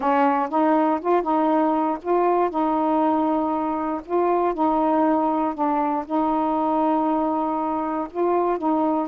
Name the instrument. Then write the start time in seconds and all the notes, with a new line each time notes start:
saxophone
0.00 C#4
0.49 D#4
1.01 F4
1.22 D#4
2.01 F4
2.50 D#4
4.05 F4
4.54 D#4
5.54 D4
6.06 D#4
8.10 F4
8.58 D#4